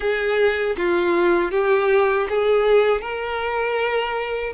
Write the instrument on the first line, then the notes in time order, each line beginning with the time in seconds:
violin
0.00 G#4
0.77 F4
1.51 G4
2.29 G#4
3.01 A#4